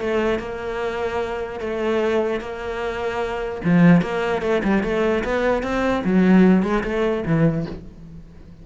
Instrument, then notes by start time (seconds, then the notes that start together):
cello
0.00 A3
0.39 A#3
1.60 A3
2.40 A#3
3.64 F3
4.01 A#3
4.41 A3
4.63 G3
4.83 A3
5.23 B3
5.62 C4
6.04 F#3
6.62 G#3
6.83 A3
7.25 E3